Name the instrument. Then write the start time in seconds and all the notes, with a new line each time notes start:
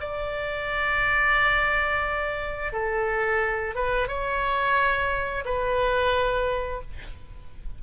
oboe
0.00 D5
2.72 A4
3.74 B4
4.08 C#5
5.45 B4